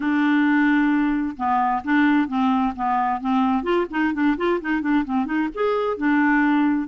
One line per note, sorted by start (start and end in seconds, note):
0.00 1.36 D4
1.36 1.82 B3
1.84 2.28 D4
2.28 2.73 C4
2.75 3.20 B3
3.20 3.63 C4
3.63 3.86 F4
3.90 4.13 D#4
4.13 4.36 D4
4.37 4.59 F4
4.61 4.81 D#4
4.81 5.04 D4
5.05 5.25 C4
5.25 5.48 D#4
5.54 5.97 G#4
5.97 6.87 D4